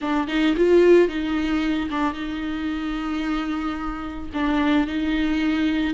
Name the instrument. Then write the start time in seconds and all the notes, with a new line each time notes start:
viola
0.01 D4
0.27 D#4
0.56 F4
1.08 D#4
1.90 D4
2.13 D#4
4.33 D4
4.87 D#4